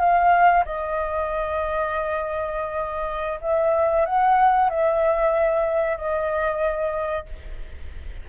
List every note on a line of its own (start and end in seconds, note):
0.00 0.65 F5
0.66 3.40 D#5
3.42 4.06 E5
4.06 4.70 F#5
4.70 5.97 E5
5.97 7.26 D#5